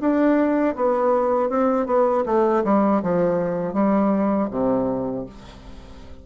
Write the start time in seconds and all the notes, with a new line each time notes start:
0.00 D4
0.75 B3
1.49 C4
1.86 B3
2.25 A3
2.64 G3
3.02 F3
3.73 G3
4.50 C3